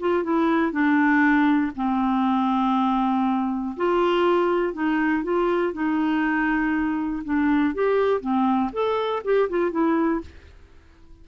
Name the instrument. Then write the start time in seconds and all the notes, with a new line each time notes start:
clarinet
0.00 F4
0.24 E4
0.72 D4
1.76 C4
3.77 F4
4.74 D#4
5.24 F4
5.73 D#4
7.25 D4
7.75 G4
8.21 C4
8.73 A4
9.24 G4
9.50 F4
9.71 E4